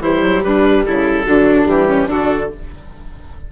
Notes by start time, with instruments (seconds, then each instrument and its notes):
0.00 bassoon E3, viola G3, violin E4, oboe C5
0.23 bassoon F#3
0.44 bassoon G3, violin D4, oboe B4
0.86 bassoon C#3, violin E4, oboe A4
1.26 bassoon D3, viola F#3, violin D4
1.66 bassoon E3, viola G3, oboe G4
1.88 violin C#4
2.08 bassoon D3, viola D4, violin F#4, oboe A4